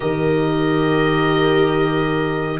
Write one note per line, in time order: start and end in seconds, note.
0.00 2.59 D#3
0.00 2.59 G4
0.00 2.59 A#4
0.00 2.59 D#5